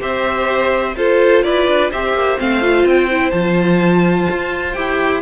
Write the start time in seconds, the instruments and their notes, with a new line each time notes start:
0.00 cello C4, viola G4, violin C5 E5
0.96 cello F4, viola F4, violin A4 C5
1.43 cello E4, violin B4 D5
1.67 cello D4
1.91 cello C4, viola G4, violin C5 E5
2.13 cello A#3
2.38 cello A3, viola C4, violin F5
2.61 viola F4
2.85 cello C4, violin G5
3.10 viola E4
3.30 cello F3, viola F4, violin A5
4.30 cello F4
4.72 cello E4, viola G4, violin G5